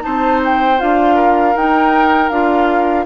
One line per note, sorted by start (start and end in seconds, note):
0.00 0.81 C4
0.00 0.76 D#4
0.00 1.15 C5
0.00 0.41 A5
0.45 0.81 G5
0.78 1.55 D4
0.78 1.54 F4
0.78 1.56 F5
1.15 3.05 A#4
1.55 2.30 D#4
1.55 2.31 D#4
1.55 2.29 G5
2.29 3.06 D4
2.29 3.06 F4
2.29 3.05 F5